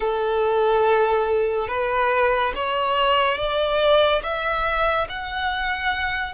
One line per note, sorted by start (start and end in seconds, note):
0.00 1.68 A4
1.68 2.52 B4
2.55 3.37 C#5
3.37 4.22 D5
4.23 5.07 E5
5.09 6.33 F#5